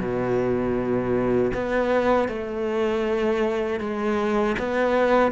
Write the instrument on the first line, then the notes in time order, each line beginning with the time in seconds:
cello
0.00 B2
1.54 B3
2.29 A3
3.80 G#3
4.59 B3